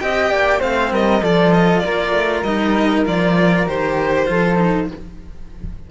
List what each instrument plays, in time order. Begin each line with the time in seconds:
0.00 cello C4 G4, flute D#5, violin G5
0.30 cello A#3, flute D5
0.59 cello A3 C4, flute C5, violin F5
0.92 cello G3, flute A#4, violin D#5
1.21 cello F3 F4, flute A4, violin D5
1.53 violin D#5
1.79 cello A#3, flute A#4, violin D5
2.12 cello A3
2.43 cello G3 D#4, violin D#5
3.05 cello F3 F4, violin D5
3.67 cello D#3 G4, violin C5
4.26 cello F3 F4, flute A4
4.56 cello D#4